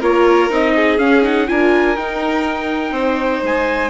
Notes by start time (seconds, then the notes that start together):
0.00 A#3 F4 A#4 C#5
0.49 C4 D#4 D#5
0.75 G#4
0.98 C#4 F5
1.22 D#4 F#5
1.46 D4 F4 A#4 G#5
1.96 D#4 G5
2.91 C4 C5
3.43 G#3 G#5